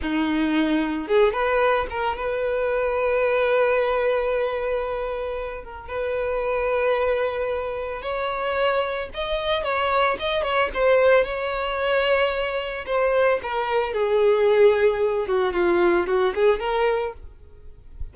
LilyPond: \new Staff \with { instrumentName = "violin" } { \time 4/4 \tempo 4 = 112 dis'2 gis'8 b'4 ais'8 | b'1~ | b'2~ b'8 ais'8 b'4~ | b'2. cis''4~ |
cis''4 dis''4 cis''4 dis''8 cis''8 | c''4 cis''2. | c''4 ais'4 gis'2~ | gis'8 fis'8 f'4 fis'8 gis'8 ais'4 | }